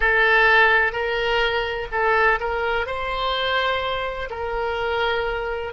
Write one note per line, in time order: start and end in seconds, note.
0.00 0.92 A4
0.92 1.87 A#4
1.91 2.39 A4
2.40 2.86 A#4
2.86 4.29 C5
4.30 5.73 A#4